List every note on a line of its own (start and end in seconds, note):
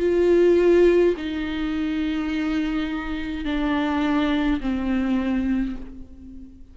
0.00 1.15 F4
1.17 3.45 D#4
3.45 4.60 D4
4.60 5.76 C4